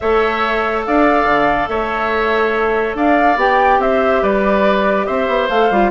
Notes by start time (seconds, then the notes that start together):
0.00 A3 A4 C#5 E5
0.85 D4 D5 F5
1.25 D3
1.68 A3 C#5 E5
2.95 D4 D5 F5
3.36 B3 G4 G5
3.78 C4 C5 E5
4.22 G3 B4 D5
5.06 C4 C5 E5
5.27 B3
5.49 A3 A4 F5
5.70 G3 F4